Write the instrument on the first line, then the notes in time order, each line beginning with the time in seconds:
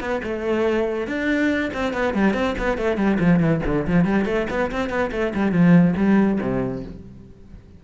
cello
0.00 B3
0.23 A3
1.07 D4
1.73 C4
1.93 B3
2.14 G3
2.33 C4
2.58 B3
2.77 A3
2.97 G3
3.19 F3
3.39 E3
3.65 D3
3.87 F3
4.05 G3
4.25 A3
4.50 B3
4.71 C4
4.89 B3
5.12 A3
5.34 G3
5.52 F3
5.97 G3
6.41 C3